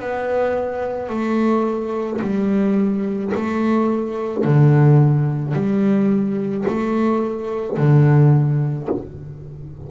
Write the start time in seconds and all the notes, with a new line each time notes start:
0.00 B3
1.10 A3
2.22 G3
3.35 A3
4.44 D3
5.54 G3
6.68 A3
7.78 D3